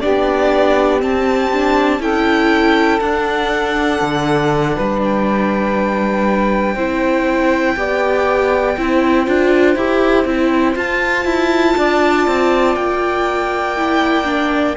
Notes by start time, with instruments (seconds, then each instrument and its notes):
0.00 cello B3, viola D4, saxophone G4, violin D5
1.00 viola C4, cello C4, violin A5
1.53 viola D4
2.00 cello C#4, viola E4, saxophone A4, violin G5
3.00 cello D4, viola D4, violin F#5
4.01 cello D3
4.75 cello G3, saxophone B4
5.03 violin G5
6.74 cello C4, viola E4, saxophone C5
7.76 cello B3, viola G4, saxophone D5
8.77 cello C4, viola E4, saxophone C5
9.26 cello D4, viola F4
9.76 cello E4, viola G4
10.25 cello C4, viola E4
10.75 viola F4, cello F4, violin A5
11.25 cello E4
11.77 cello D4, saxophone D5
12.27 cello C4
12.76 cello A#3, violin G5
13.77 viola E4
14.24 viola D4